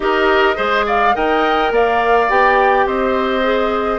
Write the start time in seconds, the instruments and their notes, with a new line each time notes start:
0.00 bassoon D#4, clarinet G4, oboe A#4, flute D#5
0.55 bassoon G#3, clarinet G#4, oboe C5
0.86 oboe D5, flute F5
1.14 bassoon D#4, clarinet A#4, oboe D#5, flute G5
1.71 bassoon A#3, oboe D5, flute F5
2.29 bassoon B3, clarinet G4, flute G5
2.85 bassoon C4, oboe C5, flute D#5
3.42 clarinet G#4